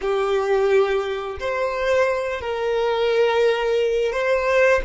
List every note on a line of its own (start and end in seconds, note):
0.01 1.39 G4
1.39 2.40 C5
2.40 4.12 A#4
4.12 4.81 C5